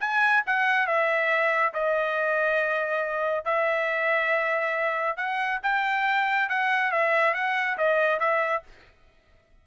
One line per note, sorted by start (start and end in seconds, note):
0.00 0.43 G#5
0.46 0.87 F#5
0.87 1.73 E5
1.73 3.45 D#5
3.45 5.16 E5
5.16 5.60 F#5
5.63 6.49 G5
6.49 6.92 F#5
6.92 7.34 E5
7.34 7.77 F#5
7.77 8.19 D#5
8.19 8.62 E5